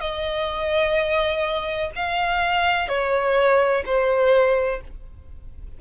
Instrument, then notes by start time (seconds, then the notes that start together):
violin
0.00 D#5
1.96 F5
2.88 C#5
3.85 C5